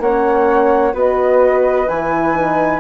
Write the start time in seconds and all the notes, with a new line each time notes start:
0.00 A#3 C#4 C#5 F#5
0.94 B3 F#4 B4 D#5
1.89 E3 E4 G#5
2.34 D#4